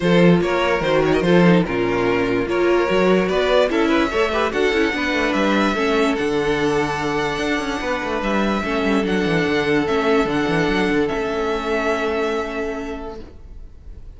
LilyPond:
<<
  \new Staff \with { instrumentName = "violin" } { \time 4/4 \tempo 4 = 146 c''4 cis''4 c''8 cis''16 dis''16 c''4 | ais'2 cis''2 | d''4 e''2 fis''4~ | fis''4 e''2 fis''4~ |
fis''1 | e''2 fis''2 | e''4 fis''2 e''4~ | e''1 | }
  \new Staff \with { instrumentName = "violin" } { \time 4/4 a'4 ais'2 a'4 | f'2 ais'2 | b'4 a'8 b'8 cis''8 b'8 a'4 | b'2 a'2~ |
a'2. b'4~ | b'4 a'2.~ | a'1~ | a'1 | }
  \new Staff \with { instrumentName = "viola" } { \time 4/4 f'2 fis'4 f'8 dis'8 | cis'2 f'4 fis'4~ | fis'4 e'4 a'8 g'8 fis'8 e'8 | d'2 cis'4 d'4~ |
d'1~ | d'4 cis'4 d'2 | cis'4 d'2 cis'4~ | cis'1 | }
  \new Staff \with { instrumentName = "cello" } { \time 4/4 f4 ais4 dis4 f4 | ais,2 ais4 fis4 | b4 cis'4 a4 d'8 cis'8 | b8 a8 g4 a4 d4~ |
d2 d'8 cis'8 b8 a8 | g4 a8 g8 fis8 e8 d4 | a4 d8 e8 fis8 d8 a4~ | a1 | }
>>